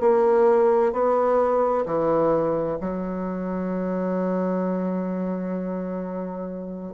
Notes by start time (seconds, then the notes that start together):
0.00 A#3
0.93 B3
1.86 E3
2.80 F#3